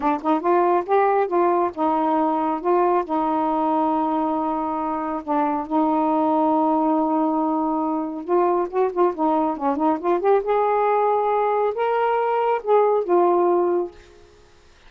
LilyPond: \new Staff \with { instrumentName = "saxophone" } { \time 4/4 \tempo 4 = 138 d'8 dis'8 f'4 g'4 f'4 | dis'2 f'4 dis'4~ | dis'1 | d'4 dis'2.~ |
dis'2. f'4 | fis'8 f'8 dis'4 cis'8 dis'8 f'8 g'8 | gis'2. ais'4~ | ais'4 gis'4 f'2 | }